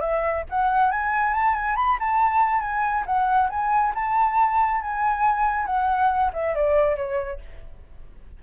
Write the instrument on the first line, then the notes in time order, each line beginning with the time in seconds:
flute
0.00 E5
0.49 F#5
0.91 G#5
1.33 A5
1.54 G#5
1.76 B5
1.99 A5
2.60 G#5
3.05 F#5
3.49 G#5
3.95 A5
4.81 G#5
5.66 F#5
6.33 E5
6.54 D5
6.96 C#5